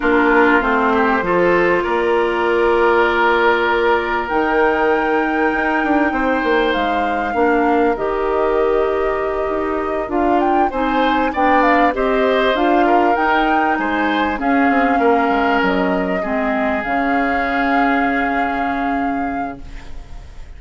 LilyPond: <<
  \new Staff \with { instrumentName = "flute" } { \time 4/4 \tempo 4 = 98 ais'4 c''2 d''4~ | d''2. g''4~ | g''2. f''4~ | f''4 dis''2.~ |
dis''8 f''8 g''8 gis''4 g''8 f''8 dis''8~ | dis''8 f''4 g''4 gis''4 f''8~ | f''4. dis''2 f''8~ | f''1 | }
  \new Staff \with { instrumentName = "oboe" } { \time 4/4 f'4. g'8 a'4 ais'4~ | ais'1~ | ais'2 c''2 | ais'1~ |
ais'4. c''4 d''4 c''8~ | c''4 ais'4. c''4 gis'8~ | gis'8 ais'2 gis'4.~ | gis'1 | }
  \new Staff \with { instrumentName = "clarinet" } { \time 4/4 d'4 c'4 f'2~ | f'2. dis'4~ | dis'1 | d'4 g'2.~ |
g'8 f'4 dis'4 d'4 g'8~ | g'8 f'4 dis'2 cis'8~ | cis'2~ cis'8 c'4 cis'8~ | cis'1 | }
  \new Staff \with { instrumentName = "bassoon" } { \time 4/4 ais4 a4 f4 ais4~ | ais2. dis4~ | dis4 dis'8 d'8 c'8 ais8 gis4 | ais4 dis2~ dis8 dis'8~ |
dis'8 d'4 c'4 b4 c'8~ | c'8 d'4 dis'4 gis4 cis'8 | c'8 ais8 gis8 fis4 gis4 cis8~ | cis1 | }
>>